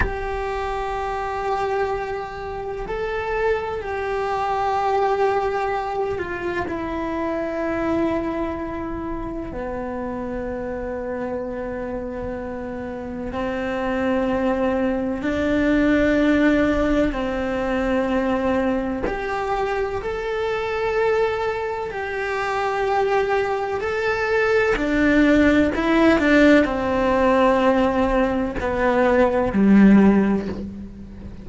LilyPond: \new Staff \with { instrumentName = "cello" } { \time 4/4 \tempo 4 = 63 g'2. a'4 | g'2~ g'8 f'8 e'4~ | e'2 b2~ | b2 c'2 |
d'2 c'2 | g'4 a'2 g'4~ | g'4 a'4 d'4 e'8 d'8 | c'2 b4 g4 | }